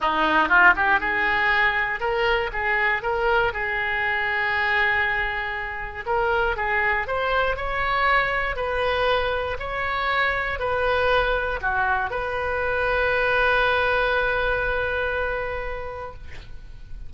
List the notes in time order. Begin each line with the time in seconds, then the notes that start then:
0.00 D#4
0.48 F4
0.76 G4
1.00 G#4
1.99 A#4
2.53 G#4
3.02 A#4
3.52 G#4
6.05 A#4
6.56 G#4
7.07 C5
7.56 C#5
8.56 B4
9.59 C#5
10.59 B4
11.61 F#4
12.10 B4